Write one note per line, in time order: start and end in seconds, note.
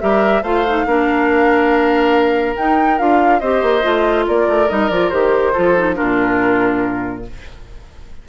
0.00 0.42 G3
0.00 0.43 G4
0.00 0.42 A#4
0.00 0.42 E5
0.42 0.85 A3
0.42 0.65 F4
0.42 0.85 C5
0.42 2.55 F5
0.66 0.86 D#4
0.86 2.56 A#3
0.86 2.56 D4
0.86 3.40 A#4
2.56 2.98 D#4
2.56 2.99 D#4
2.56 2.98 G5
2.98 3.41 D4
2.98 3.41 F4
2.98 3.39 F5
3.39 3.62 C4
3.39 3.82 G4
3.39 4.25 C5
3.39 4.24 D#5
3.62 3.83 A#3
3.82 4.27 A3
3.82 4.67 F4
4.27 4.47 A#3
4.27 5.52 A#4
4.27 4.69 D5
4.47 4.69 A3
4.68 4.90 G3
4.68 4.90 D#4
4.68 4.89 D#5
4.89 5.11 F3
4.89 5.11 F4
4.89 5.09 D5
5.09 5.54 D#3
5.09 5.53 G4
5.09 5.94 C5
5.52 6.00 F3
5.52 5.75 F4
5.52 5.95 A4
5.76 5.94 D#4
5.94 7.22 D4
5.94 7.23 F4
5.94 7.22 A#4
6.00 7.28 A#2